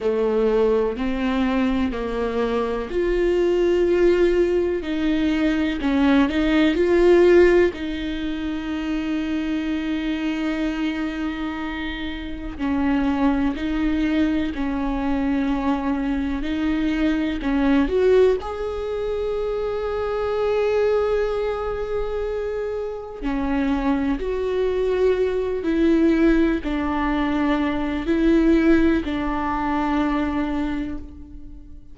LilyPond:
\new Staff \with { instrumentName = "viola" } { \time 4/4 \tempo 4 = 62 a4 c'4 ais4 f'4~ | f'4 dis'4 cis'8 dis'8 f'4 | dis'1~ | dis'4 cis'4 dis'4 cis'4~ |
cis'4 dis'4 cis'8 fis'8 gis'4~ | gis'1 | cis'4 fis'4. e'4 d'8~ | d'4 e'4 d'2 | }